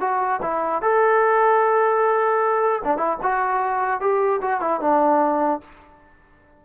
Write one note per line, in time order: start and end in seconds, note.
0.00 0.40 F#4
0.42 0.82 E4
0.82 2.82 A4
2.84 2.97 D4
2.97 3.17 E4
3.22 4.00 F#4
4.00 4.40 G4
4.41 4.61 F#4
4.61 4.81 E4
4.81 5.61 D4